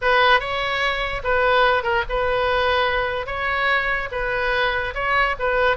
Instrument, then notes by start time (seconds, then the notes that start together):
oboe
0.01 B4
0.39 C#5
1.23 B4
1.83 A#4
2.09 B4
3.26 C#5
4.11 B4
4.94 C#5
5.39 B4